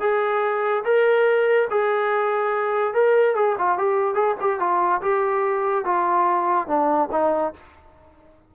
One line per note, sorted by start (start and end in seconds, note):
0.00 0.83 G#4
0.84 1.68 A#4
1.70 2.94 G#4
2.94 3.35 A#4
3.35 3.56 G#4
3.58 3.78 F4
3.78 4.14 G4
4.14 4.35 G#4
4.41 4.59 G4
4.59 5.01 F4
5.02 5.85 G4
5.85 6.67 F4
6.67 7.09 D4
7.12 7.53 D#4